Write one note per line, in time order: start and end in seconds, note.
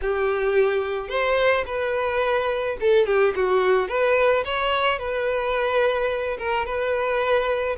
0.01 1.08 G4
1.08 1.64 C5
1.65 2.77 B4
2.80 3.06 A4
3.06 3.34 G4
3.35 3.88 F#4
3.88 4.44 B4
4.44 4.98 C#5
4.98 6.37 B4
6.38 6.65 A#4
6.65 7.76 B4